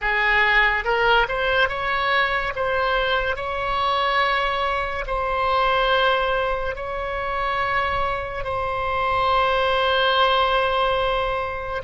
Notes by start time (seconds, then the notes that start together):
0.01 G#4
0.84 A#4
1.28 C5
1.68 C#5
2.55 C5
3.36 C#5
5.07 C5
6.75 C#5
8.44 C5